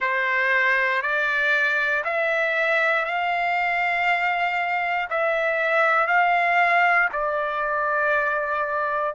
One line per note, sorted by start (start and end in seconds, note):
0.00 1.02 C5
1.02 2.03 D5
2.04 3.05 E5
3.05 5.08 F5
5.09 6.07 E5
6.07 7.09 F5
7.12 9.15 D5